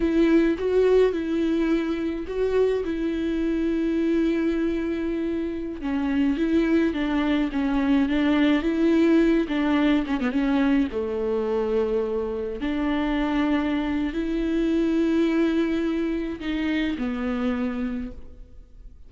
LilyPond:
\new Staff \with { instrumentName = "viola" } { \time 4/4 \tempo 4 = 106 e'4 fis'4 e'2 | fis'4 e'2.~ | e'2~ e'16 cis'4 e'8.~ | e'16 d'4 cis'4 d'4 e'8.~ |
e'8. d'4 cis'16 b16 cis'4 a8.~ | a2~ a16 d'4.~ d'16~ | d'4 e'2.~ | e'4 dis'4 b2 | }